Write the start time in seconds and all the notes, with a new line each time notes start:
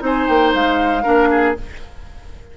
0.00 C4 D#4 C5 G#5
0.27 A#3 G5
0.54 G#3 F5
1.03 A#3 D4 A#4
1.30 G#4